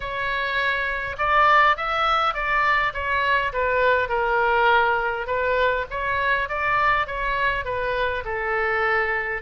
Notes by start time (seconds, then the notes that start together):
0.00 C#5
1.18 D5
1.76 E5
2.33 D5
2.93 C#5
3.52 B4
4.09 A#4
5.26 B4
5.90 C#5
6.48 D5
7.06 C#5
7.64 B4
8.24 A4